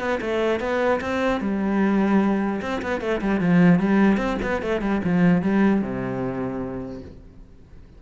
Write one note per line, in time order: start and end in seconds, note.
0.00 0.20 B3
0.21 0.61 A3
0.61 1.01 B3
1.01 1.41 C4
1.41 2.61 G3
2.62 2.82 C4
2.83 3.01 B3
3.01 3.21 A3
3.22 3.41 G3
3.41 3.80 F3
3.80 4.18 G3
4.18 4.38 C4
4.43 4.63 B3
4.63 4.82 A3
4.82 5.02 G3
5.05 5.42 F3
5.42 5.82 G3
5.82 7.02 C3